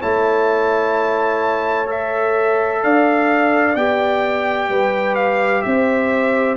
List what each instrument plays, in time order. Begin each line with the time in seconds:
0.00 tuba A3, trombone E4, horn C#5, trumpet A5
1.86 trombone A4, trumpet E5
2.83 tuba D4, horn D5, trumpet F5
3.75 tuba B3, trombone G4, trumpet G5
4.69 tuba G3, horn B4
5.15 trumpet F5
5.62 tuba C4, horn C5, trumpet E5